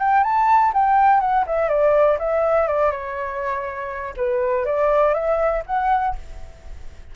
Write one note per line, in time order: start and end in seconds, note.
0.00 0.24 G5
0.24 0.73 A5
0.74 1.20 G5
1.20 1.45 F#5
1.47 1.69 E5
1.69 2.18 D5
2.20 2.68 E5
2.68 2.92 D5
2.92 4.15 C#5
4.17 4.66 B4
4.66 5.14 D5
5.14 5.63 E5
5.66 6.16 F#5